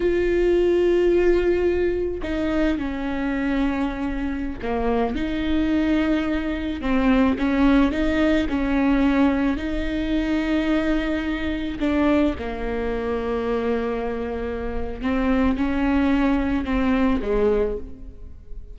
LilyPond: \new Staff \with { instrumentName = "viola" } { \time 4/4 \tempo 4 = 108 f'1 | dis'4 cis'2.~ | cis'16 ais4 dis'2~ dis'8.~ | dis'16 c'4 cis'4 dis'4 cis'8.~ |
cis'4~ cis'16 dis'2~ dis'8.~ | dis'4~ dis'16 d'4 ais4.~ ais16~ | ais2. c'4 | cis'2 c'4 gis4 | }